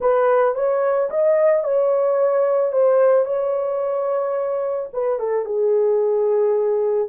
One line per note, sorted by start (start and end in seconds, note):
0.00 0.55 B4
0.55 1.09 C#5
1.09 1.63 D#5
1.63 2.72 C#5
2.72 3.25 C5
3.25 4.89 C#5
4.93 5.19 B4
5.19 5.45 A4
5.45 7.08 G#4